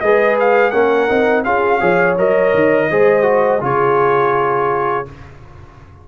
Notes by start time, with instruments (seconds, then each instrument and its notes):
0.00 tuba G#3, trombone G#4, horn B4, trumpet D#5
0.40 trumpet F5
0.70 tuba A#3, trombone C#4, horn A#4, trumpet F#5
1.09 tuba C4, trombone D#4
1.44 tuba C#4, trombone F4, horn G#4, trumpet F5
1.80 tuba F3, trombone G#4, horn C#5
2.17 tuba F#3, trombone A#4, trumpet D#5
2.54 tuba D#3
2.91 tuba G#3, trombone G#4, horn C5
3.23 trombone F#4
3.60 tuba C#3, trombone F4, horn G#4, trumpet C#5